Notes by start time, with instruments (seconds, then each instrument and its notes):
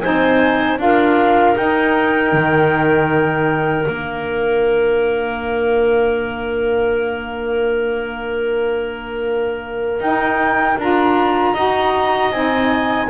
0.00 double bass C4, saxophone D#4, clarinet C5, flute G#5
0.78 double bass D4, saxophone F4, clarinet A#4, flute F5
1.56 saxophone D#4, double bass D#4, flute G5
2.32 double bass D#3
3.84 double bass A#3, saxophone D4, flute F5
10.00 double bass D#4, saxophone D#4, flute G5
10.77 double bass D4, saxophone F4, flute A#5
11.53 double bass D#4, saxophone F#4, clarinet D#5
12.32 double bass C4, saxophone D#4, flute G#5